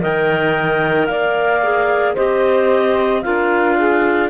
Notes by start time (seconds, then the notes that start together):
0.00 D#3 A#4 D#5 G5
1.05 A#3 D5 F5
1.63 G#4
2.14 C4 G4 C5 D#5
3.22 D4 F4 A#4 F5
3.76 G#4